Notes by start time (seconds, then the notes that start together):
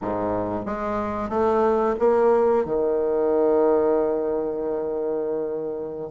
0.01 G#2
0.65 G#3
1.29 A3
1.99 A#3
2.65 D#3